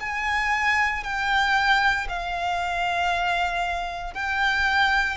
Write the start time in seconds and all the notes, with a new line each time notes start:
0.00 G#5
1.03 G5
2.09 F5
4.14 G5